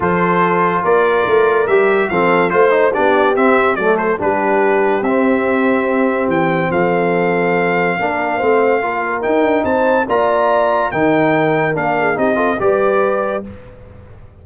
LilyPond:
<<
  \new Staff \with { instrumentName = "trumpet" } { \time 4/4 \tempo 4 = 143 c''2 d''2 | e''4 f''4 c''4 d''4 | e''4 d''8 c''8 b'2 | e''2. g''4 |
f''1~ | f''2 g''4 a''4 | ais''2 g''2 | f''4 dis''4 d''2 | }
  \new Staff \with { instrumentName = "horn" } { \time 4/4 a'2 ais'2~ | ais'4 a'4 c''4 g'4~ | g'4 a'4 g'2~ | g'1 |
a'2. ais'4 | c''4 ais'2 c''4 | d''2 ais'2~ | ais'8 gis'8 g'8 a'8 b'2 | }
  \new Staff \with { instrumentName = "trombone" } { \time 4/4 f'1 | g'4 c'4 f'8 dis'8 d'4 | c'4 a4 d'2 | c'1~ |
c'2. d'4 | c'4 f'4 dis'2 | f'2 dis'2 | d'4 dis'8 f'8 g'2 | }
  \new Staff \with { instrumentName = "tuba" } { \time 4/4 f2 ais4 a4 | g4 f4 a4 b4 | c'4 fis4 g2 | c'2. e4 |
f2. ais4 | a4 ais4 dis'8 d'8 c'4 | ais2 dis2 | ais4 c'4 g2 | }
>>